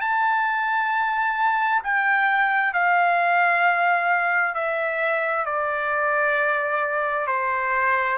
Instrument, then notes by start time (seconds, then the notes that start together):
trumpet
0.00 A5
1.83 G5
2.73 F5
4.54 E5
5.45 D5
7.27 C5